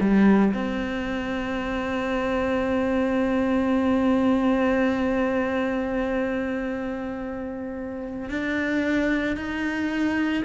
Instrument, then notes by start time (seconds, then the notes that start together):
cello
0.00 G3
0.54 C4
8.29 D4
9.36 D#4